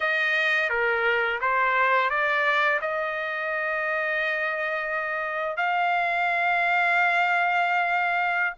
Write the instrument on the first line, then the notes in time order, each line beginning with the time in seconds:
trumpet
0.00 D#5
0.69 A#4
1.40 C5
2.09 D5
2.81 D#5
5.57 F5